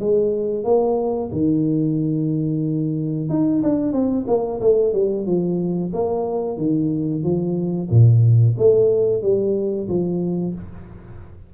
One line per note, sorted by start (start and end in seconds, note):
0.00 0.64 G#3
0.64 1.30 A#3
1.32 3.29 D#3
3.29 3.62 D#4
3.63 3.93 D4
3.93 4.26 C4
4.28 4.61 A#3
4.61 4.94 A3
4.94 5.27 G3
5.27 5.93 F3
5.93 6.58 A#3
6.58 7.23 D#3
7.23 7.89 F3
7.91 8.57 A#2
8.58 9.22 A3
9.22 9.88 G3
9.89 10.55 F3